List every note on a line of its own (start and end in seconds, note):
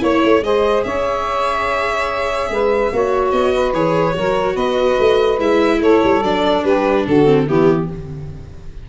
0.00 0.23 A#3
0.00 0.41 E4
0.00 0.43 C#5
0.00 0.44 C#5
0.24 0.43 A3
0.43 0.84 G#3
0.43 2.94 G#4
0.43 0.85 C5
0.43 0.84 D#5
0.84 2.50 C#4
0.84 2.51 C#5
0.84 3.31 E5
2.50 2.91 G#3
2.50 2.93 B4
2.93 3.32 A#3
2.93 3.75 F#4
2.93 3.54 C#5
3.31 3.74 B3
3.31 3.73 D#5
3.54 4.16 B4
3.74 4.15 E3
3.74 4.14 G#4
3.74 4.57 C#5
4.14 4.56 F#3
4.14 5.38 F#4
4.14 4.54 A#4
4.54 4.98 B3
4.54 5.78 B4
4.54 5.39 D#5
5.00 5.39 A3
5.39 5.81 G#3
5.39 6.22 E4
5.39 5.82 E5
5.81 6.02 A3
5.81 6.64 A4
5.81 6.23 C#5
6.04 6.23 G3
6.23 6.64 F#3
6.23 7.26 D4
6.23 6.65 D5
6.64 7.05 G3
6.64 7.05 G4
6.64 7.06 B4
7.06 7.47 D3
7.06 7.45 F#4
7.06 7.48 A4
7.26 7.46 C4
7.45 7.88 E3
7.45 7.89 B3
7.45 7.87 E4
7.45 7.90 G4